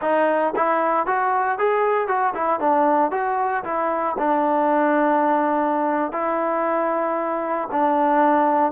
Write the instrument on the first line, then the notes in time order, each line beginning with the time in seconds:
trombone
0.01 D#4
0.56 E4
1.06 F#4
1.58 G#4
2.07 F#4
2.34 E4
2.59 D4
3.11 F#4
3.64 E4
4.18 D4
6.12 E4
7.71 D4